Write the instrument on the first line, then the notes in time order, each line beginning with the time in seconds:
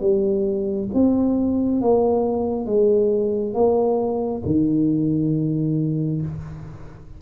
tuba
0.00 G3
0.93 C4
1.81 A#3
2.66 G#3
3.54 A#3
4.45 D#3